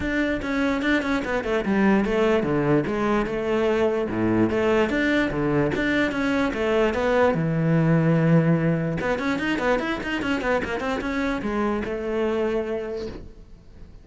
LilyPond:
\new Staff \with { instrumentName = "cello" } { \time 4/4 \tempo 4 = 147 d'4 cis'4 d'8 cis'8 b8 a8 | g4 a4 d4 gis4 | a2 a,4 a4 | d'4 d4 d'4 cis'4 |
a4 b4 e2~ | e2 b8 cis'8 dis'8 b8 | e'8 dis'8 cis'8 b8 ais8 c'8 cis'4 | gis4 a2. | }